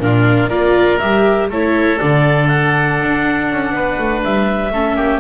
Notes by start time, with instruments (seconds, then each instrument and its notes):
0.00 double bass A#2, viola D4, oboe F4, clarinet A#4
0.48 double bass A#3, viola F4, oboe A#4, clarinet D5
0.98 double bass G3, viola G4, clarinet E5
1.49 double bass A3, viola E4, oboe A4, clarinet C#5
1.99 double bass D3, viola D4, clarinet D5
2.48 clarinet F#5
3.01 double bass D4
3.52 double bass C#4
3.71 double bass B3, oboe B4
3.99 double bass A3
4.24 double bass G3, clarinet E5
4.71 double bass A3, viola C#4, oboe A4
4.95 double bass A#3, oboe G4